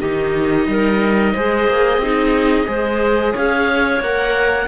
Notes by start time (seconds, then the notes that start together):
0.00 D#3 D#4 G4 D#5
0.67 G3 A#4
1.34 G#3 G#4 C5
1.67 A#3
1.98 C4 D#4 G#4
2.65 G#3 G#4 C5
3.33 C#4 C#5 F5
4.00 A#3 A#4 F#5